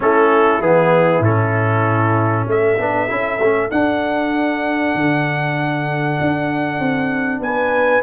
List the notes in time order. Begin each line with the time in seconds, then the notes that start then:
0.00 A3 C#4 E4 A4
0.60 E3 B3 G#4
1.20 A2 C#4 A4
2.46 A3 A4 E5
2.78 B3 D4
3.08 C#4 E4
3.39 A3 C#4
3.70 D4 F#5
4.95 D3
6.20 D4
6.79 C4
7.39 B3 B4 G#5